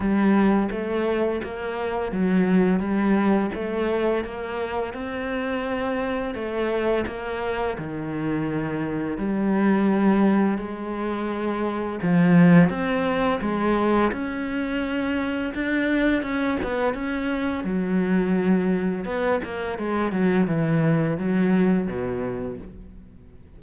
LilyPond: \new Staff \with { instrumentName = "cello" } { \time 4/4 \tempo 4 = 85 g4 a4 ais4 fis4 | g4 a4 ais4 c'4~ | c'4 a4 ais4 dis4~ | dis4 g2 gis4~ |
gis4 f4 c'4 gis4 | cis'2 d'4 cis'8 b8 | cis'4 fis2 b8 ais8 | gis8 fis8 e4 fis4 b,4 | }